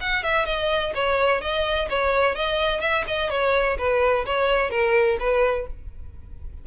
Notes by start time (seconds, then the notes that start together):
0.00 F#5
0.23 E5
0.45 D#5
0.94 C#5
1.41 D#5
1.89 C#5
2.35 D#5
2.80 E5
3.07 D#5
3.30 C#5
3.78 B4
4.25 C#5
4.70 A#4
5.19 B4